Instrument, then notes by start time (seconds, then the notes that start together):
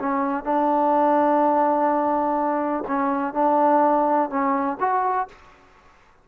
trombone
0.00 C#4
0.44 D4
2.88 C#4
3.34 D4
4.30 C#4
4.80 F#4